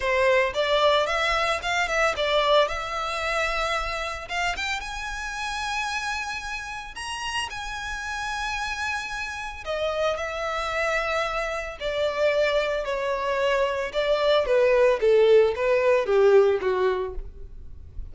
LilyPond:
\new Staff \with { instrumentName = "violin" } { \time 4/4 \tempo 4 = 112 c''4 d''4 e''4 f''8 e''8 | d''4 e''2. | f''8 g''8 gis''2.~ | gis''4 ais''4 gis''2~ |
gis''2 dis''4 e''4~ | e''2 d''2 | cis''2 d''4 b'4 | a'4 b'4 g'4 fis'4 | }